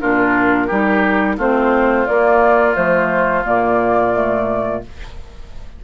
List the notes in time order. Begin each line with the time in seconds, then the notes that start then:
0.00 A#2 D4 F4 A#4
0.67 G3 D#4 G4
1.38 A3 C4 F4 C5
2.06 A#3 D5
2.74 F3 A3 C5
3.45 A#2 A#3 D5
4.13 A3